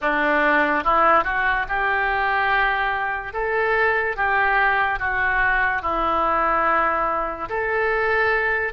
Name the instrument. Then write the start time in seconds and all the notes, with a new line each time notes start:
oboe
0.01 D4
0.83 E4
1.24 F#4
1.68 G4
3.33 A4
4.16 G4
4.99 F#4
5.82 E4
7.49 A4